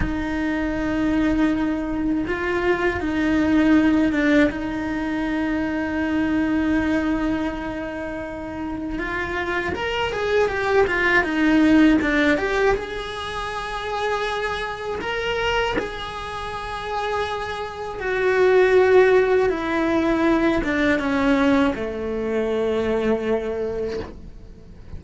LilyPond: \new Staff \with { instrumentName = "cello" } { \time 4/4 \tempo 4 = 80 dis'2. f'4 | dis'4. d'8 dis'2~ | dis'1 | f'4 ais'8 gis'8 g'8 f'8 dis'4 |
d'8 g'8 gis'2. | ais'4 gis'2. | fis'2 e'4. d'8 | cis'4 a2. | }